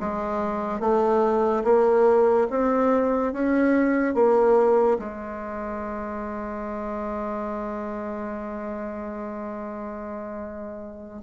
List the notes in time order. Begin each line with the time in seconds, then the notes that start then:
0.00 G#3
0.80 A3
1.65 A#3
2.51 C4
3.33 C#4
4.15 A#3
4.99 G#3